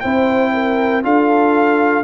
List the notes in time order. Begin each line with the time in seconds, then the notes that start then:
0.00 C4 E4 C5 G5
0.53 A#4
1.03 D4 F4 A4 F5